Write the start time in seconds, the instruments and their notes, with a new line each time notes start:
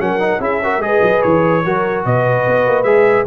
0.00 tuba F#3, trombone C#4, horn A#4, trumpet F#5
0.20 trombone D#4
0.40 tuba C#4, trombone E4, horn G#4, trumpet E5
0.64 trombone F#4, horn A#4
0.79 tuba G#3, trombone G#4, trumpet D#5
0.86 horn B4
1.02 tuba F#3
1.22 tuba E3, trumpet C#5
1.65 tuba F#3, trombone F#4, horn A#4
2.06 tuba B2, horn B4, trumpet D#5
2.47 tuba B3
2.67 tuba A#3
2.84 tuba G#3, trombone G#4, trumpet E5